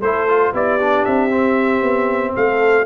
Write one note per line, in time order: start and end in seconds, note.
0.00 0.52 A3
0.00 0.28 E4
0.00 0.52 A4
0.00 0.52 C5
0.28 0.53 F4
0.53 1.04 B3
0.53 0.79 E4
0.53 2.34 G4
0.53 1.04 D5
0.80 1.30 D4
1.04 1.82 C4
1.04 2.34 E5
1.30 2.85 C4
1.82 2.33 B3
2.35 2.85 A3
2.35 2.85 A4
2.35 2.85 F5